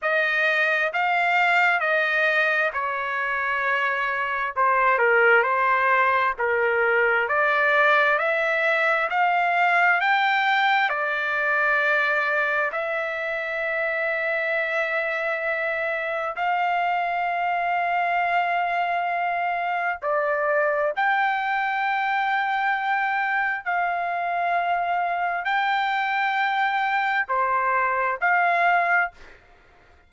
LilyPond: \new Staff \with { instrumentName = "trumpet" } { \time 4/4 \tempo 4 = 66 dis''4 f''4 dis''4 cis''4~ | cis''4 c''8 ais'8 c''4 ais'4 | d''4 e''4 f''4 g''4 | d''2 e''2~ |
e''2 f''2~ | f''2 d''4 g''4~ | g''2 f''2 | g''2 c''4 f''4 | }